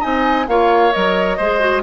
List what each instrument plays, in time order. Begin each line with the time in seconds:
0.00 bassoon C4, clarinet D#4, oboe D#5, flute G#5
0.47 bassoon A#3, clarinet F4, oboe C#5, flute F5
0.92 bassoon F#3, clarinet A#4, flute D#5
1.37 bassoon G#3, clarinet G#4, oboe C5
1.60 clarinet F#4